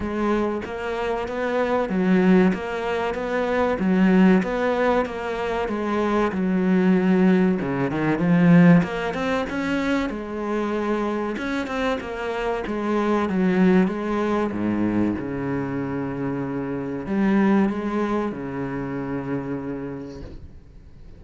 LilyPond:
\new Staff \with { instrumentName = "cello" } { \time 4/4 \tempo 4 = 95 gis4 ais4 b4 fis4 | ais4 b4 fis4 b4 | ais4 gis4 fis2 | cis8 dis8 f4 ais8 c'8 cis'4 |
gis2 cis'8 c'8 ais4 | gis4 fis4 gis4 gis,4 | cis2. g4 | gis4 cis2. | }